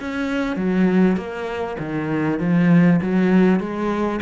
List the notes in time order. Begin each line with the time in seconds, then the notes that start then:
0.00 C#4
0.56 F#3
1.17 A#3
1.79 D#3
2.40 F3
3.02 F#3
3.60 G#3